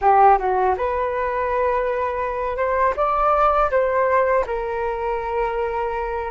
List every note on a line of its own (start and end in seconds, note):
0.01 0.38 G4
0.38 0.75 F#4
0.77 2.57 B4
2.57 2.94 C5
2.96 3.70 D5
3.70 4.44 C5
4.46 6.31 A#4